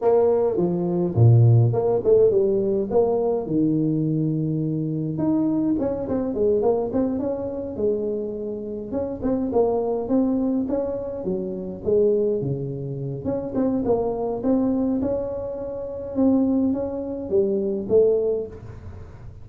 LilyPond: \new Staff \with { instrumentName = "tuba" } { \time 4/4 \tempo 4 = 104 ais4 f4 ais,4 ais8 a8 | g4 ais4 dis2~ | dis4 dis'4 cis'8 c'8 gis8 ais8 | c'8 cis'4 gis2 cis'8 |
c'8 ais4 c'4 cis'4 fis8~ | fis8 gis4 cis4. cis'8 c'8 | ais4 c'4 cis'2 | c'4 cis'4 g4 a4 | }